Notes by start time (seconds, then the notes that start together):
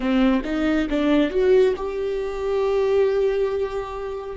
0.00 C4
0.44 D#4
0.89 D4
1.30 F#4
1.76 G4